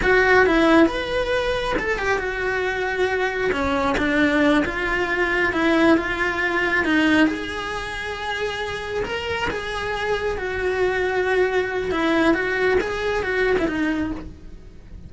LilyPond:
\new Staff \with { instrumentName = "cello" } { \time 4/4 \tempo 4 = 136 fis'4 e'4 b'2 | a'8 g'8 fis'2. | cis'4 d'4. f'4.~ | f'8 e'4 f'2 dis'8~ |
dis'8 gis'2.~ gis'8~ | gis'8 ais'4 gis'2 fis'8~ | fis'2. e'4 | fis'4 gis'4 fis'8. e'16 dis'4 | }